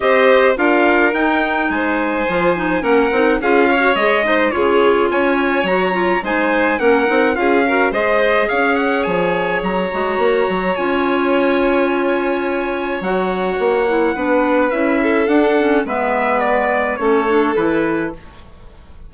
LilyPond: <<
  \new Staff \with { instrumentName = "trumpet" } { \time 4/4 \tempo 4 = 106 dis''4 f''4 g''4 gis''4~ | gis''4 fis''4 f''4 dis''4 | cis''4 gis''4 ais''4 gis''4 | fis''4 f''4 dis''4 f''8 fis''8 |
gis''4 ais''2 gis''4~ | gis''2. fis''4~ | fis''2 e''4 fis''4 | e''4 d''4 cis''4 b'4 | }
  \new Staff \with { instrumentName = "violin" } { \time 4/4 c''4 ais'2 c''4~ | c''4 ais'4 gis'8 cis''4 c''8 | gis'4 cis''2 c''4 | ais'4 gis'8 ais'8 c''4 cis''4~ |
cis''1~ | cis''1~ | cis''4 b'4. a'4. | b'2 a'2 | }
  \new Staff \with { instrumentName = "clarinet" } { \time 4/4 g'4 f'4 dis'2 | f'8 dis'8 cis'8 dis'8 f'8. fis'16 gis'8 dis'8 | f'2 fis'8 f'8 dis'4 | cis'8 dis'8 f'8 fis'8 gis'2~ |
gis'4. fis'4. f'4~ | f'2. fis'4~ | fis'8 e'8 d'4 e'4 d'8 cis'8 | b2 cis'8 d'8 e'4 | }
  \new Staff \with { instrumentName = "bassoon" } { \time 4/4 c'4 d'4 dis'4 gis4 | f4 ais8 c'8 cis'4 gis4 | cis4 cis'4 fis4 gis4 | ais8 c'8 cis'4 gis4 cis'4 |
f4 fis8 gis8 ais8 fis8 cis'4~ | cis'2. fis4 | ais4 b4 cis'4 d'4 | gis2 a4 e4 | }
>>